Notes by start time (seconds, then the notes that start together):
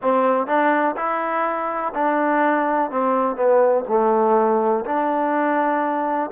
0.02 C4
0.47 D4
0.96 E4
1.94 D4
2.90 C4
3.36 B3
3.88 A3
4.85 D4